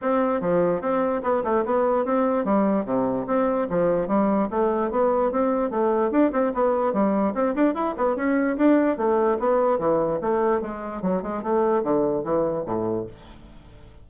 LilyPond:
\new Staff \with { instrumentName = "bassoon" } { \time 4/4 \tempo 4 = 147 c'4 f4 c'4 b8 a8 | b4 c'4 g4 c4 | c'4 f4 g4 a4 | b4 c'4 a4 d'8 c'8 |
b4 g4 c'8 d'8 e'8 b8 | cis'4 d'4 a4 b4 | e4 a4 gis4 fis8 gis8 | a4 d4 e4 a,4 | }